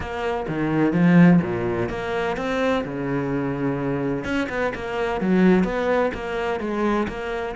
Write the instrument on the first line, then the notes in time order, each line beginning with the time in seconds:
cello
0.00 A#3
0.47 D#3
0.92 F3
1.42 A#2
1.89 A#3
2.36 C4
2.84 C#3
4.24 C#4
4.49 B3
4.74 A#3
5.21 F#3
5.63 B3
6.14 A#3
6.60 G#3
7.08 A#3